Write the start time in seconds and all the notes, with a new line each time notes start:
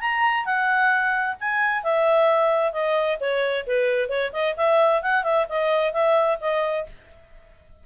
0.00 A#5
0.45 F#5
1.40 G#5
1.83 E5
2.72 D#5
3.20 C#5
3.67 B4
4.09 C#5
4.32 D#5
4.56 E5
5.02 F#5
5.23 E5
5.49 D#5
5.93 E5
6.40 D#5